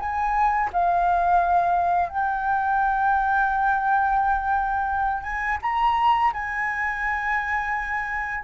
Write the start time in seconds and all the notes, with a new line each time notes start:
0.00 G#5
0.73 F5
2.10 G5
5.23 G#5
5.62 A#5
6.34 G#5